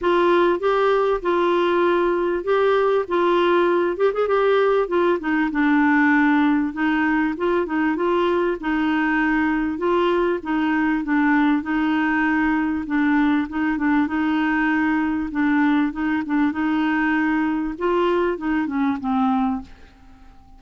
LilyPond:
\new Staff \with { instrumentName = "clarinet" } { \time 4/4 \tempo 4 = 98 f'4 g'4 f'2 | g'4 f'4. g'16 gis'16 g'4 | f'8 dis'8 d'2 dis'4 | f'8 dis'8 f'4 dis'2 |
f'4 dis'4 d'4 dis'4~ | dis'4 d'4 dis'8 d'8 dis'4~ | dis'4 d'4 dis'8 d'8 dis'4~ | dis'4 f'4 dis'8 cis'8 c'4 | }